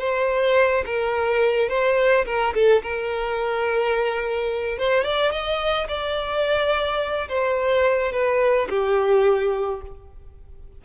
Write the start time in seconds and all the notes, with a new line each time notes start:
0.00 C5
0.86 A#4
1.69 C5
2.26 A#4
2.54 A4
2.83 A#4
4.78 C5
5.04 D5
5.31 D#5
5.88 D5
7.29 C5
8.12 B4
8.69 G4